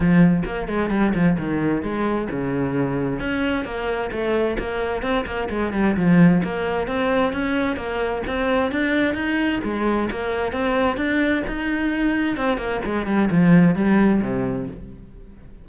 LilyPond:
\new Staff \with { instrumentName = "cello" } { \time 4/4 \tempo 4 = 131 f4 ais8 gis8 g8 f8 dis4 | gis4 cis2 cis'4 | ais4 a4 ais4 c'8 ais8 | gis8 g8 f4 ais4 c'4 |
cis'4 ais4 c'4 d'4 | dis'4 gis4 ais4 c'4 | d'4 dis'2 c'8 ais8 | gis8 g8 f4 g4 c4 | }